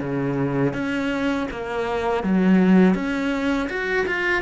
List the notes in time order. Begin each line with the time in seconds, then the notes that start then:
0.00 C#3
0.73 C#4
1.51 A#3
2.23 F#3
2.94 C#4
3.69 F#4
4.07 F4